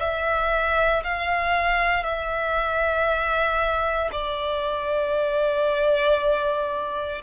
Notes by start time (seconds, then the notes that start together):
0.00 E5
1.04 F5
2.04 E5
4.12 D5